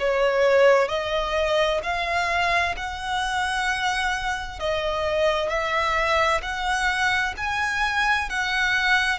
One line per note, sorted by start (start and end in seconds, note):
0.00 0.89 C#5
0.89 1.81 D#5
1.83 2.76 F5
2.77 4.60 F#5
4.60 5.49 D#5
5.49 6.42 E5
6.42 7.35 F#5
7.37 8.30 G#5
8.30 9.19 F#5